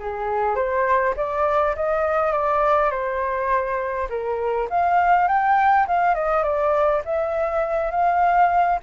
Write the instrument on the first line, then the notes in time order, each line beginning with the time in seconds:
flute
0.00 G#4
0.56 C5
1.17 D5
1.76 D#5
2.32 D5
2.91 C5
4.10 A#4
4.70 F5
5.28 G5
5.88 F5
6.15 D#5
6.43 D5
7.05 E5
7.91 F5